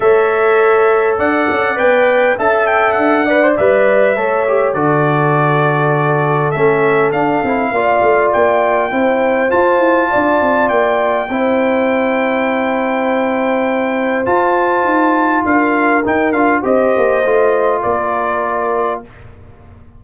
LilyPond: <<
  \new Staff \with { instrumentName = "trumpet" } { \time 4/4 \tempo 4 = 101 e''2 fis''4 g''4 | a''8 g''8 fis''4 e''2 | d''2. e''4 | f''2 g''2 |
a''2 g''2~ | g''1 | a''2 f''4 g''8 f''8 | dis''2 d''2 | }
  \new Staff \with { instrumentName = "horn" } { \time 4/4 cis''2 d''2 | e''4. d''4. cis''4 | a'1~ | a'4 d''2 c''4~ |
c''4 d''2 c''4~ | c''1~ | c''2 ais'2 | c''2 ais'2 | }
  \new Staff \with { instrumentName = "trombone" } { \time 4/4 a'2. b'4 | a'4. b'16 c''16 b'4 a'8 g'8 | fis'2. cis'4 | d'8 e'8 f'2 e'4 |
f'2. e'4~ | e'1 | f'2. dis'8 f'8 | g'4 f'2. | }
  \new Staff \with { instrumentName = "tuba" } { \time 4/4 a2 d'8 cis'8 b4 | cis'4 d'4 g4 a4 | d2. a4 | d'8 c'8 ais8 a8 ais4 c'4 |
f'8 e'8 d'8 c'8 ais4 c'4~ | c'1 | f'4 dis'4 d'4 dis'8 d'8 | c'8 ais8 a4 ais2 | }
>>